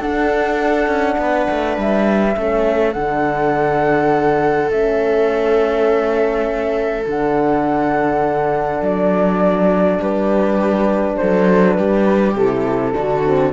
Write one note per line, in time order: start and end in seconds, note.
0.00 0.87 D4
0.00 2.36 D4
0.00 1.18 A4
0.00 1.78 F#5
0.87 1.16 C#4
1.19 1.48 B3
1.19 2.37 B4
1.50 1.77 A3
1.77 2.36 G3
1.77 2.93 E5
2.36 2.95 A3
2.36 2.95 C#4
2.36 9.99 A4
2.93 4.70 D3
2.93 4.73 D4
2.93 4.69 F#5
4.70 7.06 A3
4.70 7.08 C#4
4.70 7.06 E5
7.07 8.82 D3
7.07 12.37 D4
7.07 8.84 F#5
8.82 10.00 F#3
8.82 10.02 D5
9.99 11.18 G3
9.99 11.17 G4
9.99 11.17 B4
11.17 11.79 F#3
11.17 11.79 A4
11.17 11.74 C5
11.74 12.36 G3
11.74 12.94 G4
11.74 12.32 B4
12.36 12.94 C3
12.36 12.94 E4
12.36 13.53 A4
12.94 13.53 D3
12.94 13.23 D4
12.94 13.53 F#4
13.24 13.53 C4